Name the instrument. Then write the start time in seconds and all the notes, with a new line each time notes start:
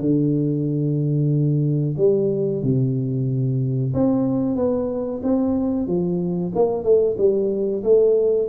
tuba
0.00 D3
1.97 G3
2.63 C3
3.94 C4
4.56 B3
5.23 C4
5.87 F3
6.55 A#3
6.84 A3
7.18 G3
7.84 A3